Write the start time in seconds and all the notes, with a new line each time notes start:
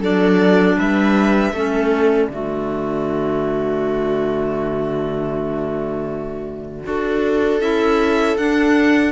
0.00 F#3 D4 A4 D5
0.77 G3 B4 E5
1.52 A3 C#4 A4
1.92 D5
2.29 D3 A3 F#4
6.84 D4 F#4 A4
7.60 C#4 E4 E5
8.37 D4 F#5